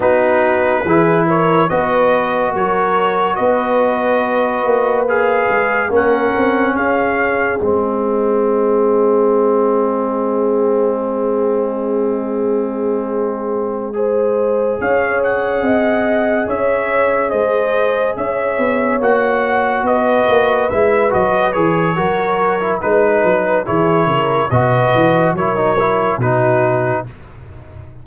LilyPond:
<<
  \new Staff \with { instrumentName = "trumpet" } { \time 4/4 \tempo 4 = 71 b'4. cis''8 dis''4 cis''4 | dis''2 f''4 fis''4 | f''4 dis''2.~ | dis''1~ |
dis''4. f''8 fis''4. e''8~ | e''8 dis''4 e''4 fis''4 dis''8~ | dis''8 e''8 dis''8 cis''4. b'4 | cis''4 dis''4 cis''4 b'4 | }
  \new Staff \with { instrumentName = "horn" } { \time 4/4 fis'4 gis'8 ais'8 b'4 ais'4 | b'2. ais'4 | gis'1~ | gis'1~ |
gis'8 c''4 cis''4 dis''4 cis''8~ | cis''8 c''4 cis''2 b'8~ | b'2 ais'4 b'4 | gis'8 ais'8 b'4 ais'4 fis'4 | }
  \new Staff \with { instrumentName = "trombone" } { \time 4/4 dis'4 e'4 fis'2~ | fis'2 gis'4 cis'4~ | cis'4 c'2.~ | c'1~ |
c'8 gis'2.~ gis'8~ | gis'2~ gis'8 fis'4.~ | fis'8 e'8 fis'8 gis'8 fis'8. e'16 dis'4 | e'4 fis'4 e'16 dis'16 e'8 dis'4 | }
  \new Staff \with { instrumentName = "tuba" } { \time 4/4 b4 e4 b4 fis4 | b4. ais4 gis8 ais8 c'8 | cis'4 gis2.~ | gis1~ |
gis4. cis'4 c'4 cis'8~ | cis'8 gis4 cis'8 b8 ais4 b8 | ais8 gis8 fis8 e8 fis4 gis8 fis8 | e8 cis8 b,8 e8 fis4 b,4 | }
>>